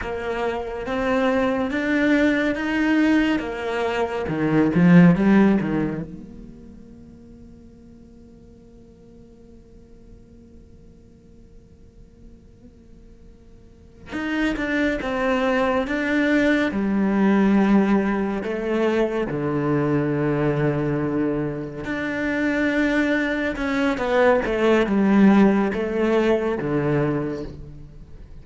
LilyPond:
\new Staff \with { instrumentName = "cello" } { \time 4/4 \tempo 4 = 70 ais4 c'4 d'4 dis'4 | ais4 dis8 f8 g8 dis8 ais4~ | ais1~ | ais1~ |
ais8 dis'8 d'8 c'4 d'4 g8~ | g4. a4 d4.~ | d4. d'2 cis'8 | b8 a8 g4 a4 d4 | }